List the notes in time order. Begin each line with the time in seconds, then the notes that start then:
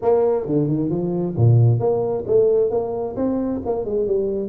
0.01 A#3
0.46 D3
0.67 D#3
0.90 F3
1.37 A#2
1.79 A#3
2.26 A3
2.70 A#3
3.16 C4
3.65 A#3
3.84 G#3
4.06 G3